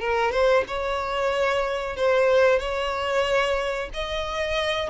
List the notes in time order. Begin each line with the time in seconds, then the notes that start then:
0.00 A#4
0.31 C5
0.67 C#5
1.96 C5
2.59 C#5
3.94 D#5